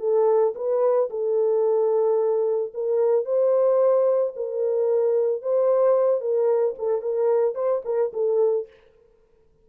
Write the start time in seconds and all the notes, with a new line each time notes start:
0.00 A4
0.55 B4
1.10 A4
2.74 A#4
3.26 C5
4.36 A#4
5.42 C5
6.21 A#4
6.79 A4
7.02 A#4
7.55 C5
7.85 A#4
8.14 A4